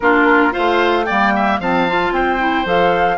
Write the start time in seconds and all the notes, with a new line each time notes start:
0.00 A#3 D4 F4 A#4
0.51 F4 C5 F5
0.58 A3
1.04 G3 A#3 D5 G5
1.35 E5
1.59 F3 C4 F5 A5
1.88 F4
2.11 C4 C5 G5
2.38 E4
2.65 F3 A4 F5